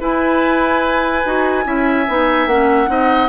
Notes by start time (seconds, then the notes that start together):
0.00 E4 B4 G#5
1.25 D#4 F#4
1.64 C#4 E4 E5
2.08 B3 D#4
2.46 A#3 C#4 F#5
2.87 C4 D#4 D#5